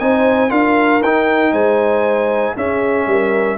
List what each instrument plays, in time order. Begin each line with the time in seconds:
0.00 tuba C4, trombone D#4, horn C5, trumpet G#5
0.50 tuba D4, trombone F4, horn A#4, trumpet F5
1.02 tuba D#4, trombone D#4, trumpet G5
1.53 tuba G#3, horn C5, trumpet G#5
2.56 trombone C#4, tuba C#4, horn G#4, trumpet E5
3.07 tuba G3, horn A#4